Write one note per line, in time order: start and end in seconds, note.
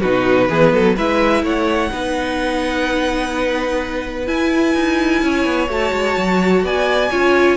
0.00 0.49 B2
0.00 0.49 D#4
0.00 0.47 F#4
0.00 0.95 B4
0.49 0.73 E3
0.49 0.96 B3
0.49 0.73 G#4
0.73 0.96 F#3
0.73 0.96 A4
0.96 1.43 G#3
0.96 1.91 E4
0.96 1.43 B4
0.96 1.45 E5
1.43 1.90 A3
1.43 1.91 C#5
1.43 4.27 F#5
1.91 4.28 B3
1.91 4.26 D#4
1.91 5.22 B4
4.26 5.68 E4
4.26 4.75 E4
4.26 5.69 G#5
4.75 5.22 D#4
5.22 5.45 C#4
5.22 6.64 C#5
5.45 5.68 B3
5.68 5.92 A3
5.68 7.10 F#4
5.68 6.66 A5
5.93 6.16 G#3
6.17 6.63 F#3
6.63 7.10 B3
6.63 7.10 D5
6.63 7.57 G#5
7.10 7.57 C#4
7.10 7.57 F4
7.10 7.57 C#5